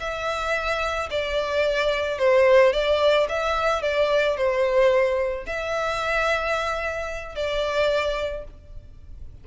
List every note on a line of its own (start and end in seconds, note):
0.00 1.09 E5
1.11 2.18 D5
2.18 2.73 C5
2.73 3.28 D5
3.29 3.82 E5
3.82 4.37 D5
4.37 5.46 C5
5.46 7.35 E5
7.35 8.44 D5